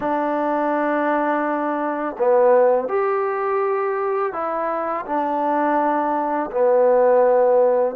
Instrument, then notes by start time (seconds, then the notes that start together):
trombone
0.00 D4
2.18 B3
2.88 G4
4.32 E4
5.05 D4
6.51 B3